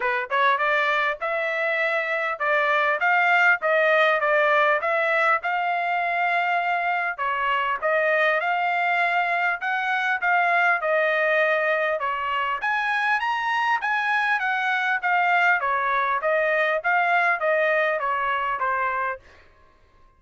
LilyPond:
\new Staff \with { instrumentName = "trumpet" } { \time 4/4 \tempo 4 = 100 b'8 cis''8 d''4 e''2 | d''4 f''4 dis''4 d''4 | e''4 f''2. | cis''4 dis''4 f''2 |
fis''4 f''4 dis''2 | cis''4 gis''4 ais''4 gis''4 | fis''4 f''4 cis''4 dis''4 | f''4 dis''4 cis''4 c''4 | }